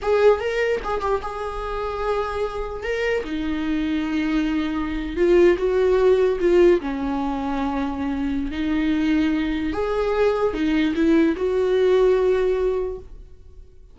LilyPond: \new Staff \with { instrumentName = "viola" } { \time 4/4 \tempo 4 = 148 gis'4 ais'4 gis'8 g'8 gis'4~ | gis'2. ais'4 | dis'1~ | dis'8. f'4 fis'2 f'16~ |
f'8. cis'2.~ cis'16~ | cis'4 dis'2. | gis'2 dis'4 e'4 | fis'1 | }